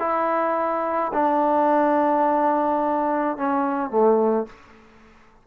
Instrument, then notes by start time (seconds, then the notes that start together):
trombone
0.00 E4
1.13 D4
3.37 C#4
3.91 A3